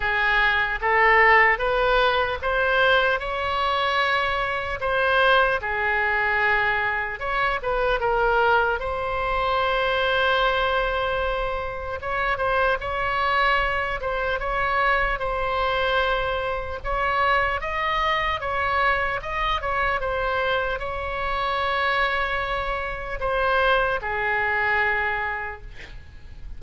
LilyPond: \new Staff \with { instrumentName = "oboe" } { \time 4/4 \tempo 4 = 75 gis'4 a'4 b'4 c''4 | cis''2 c''4 gis'4~ | gis'4 cis''8 b'8 ais'4 c''4~ | c''2. cis''8 c''8 |
cis''4. c''8 cis''4 c''4~ | c''4 cis''4 dis''4 cis''4 | dis''8 cis''8 c''4 cis''2~ | cis''4 c''4 gis'2 | }